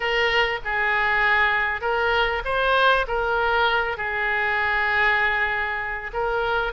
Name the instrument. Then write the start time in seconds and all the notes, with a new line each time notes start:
oboe
0.00 A#4
0.64 G#4
1.81 A#4
2.44 C5
3.07 A#4
3.97 G#4
6.13 A#4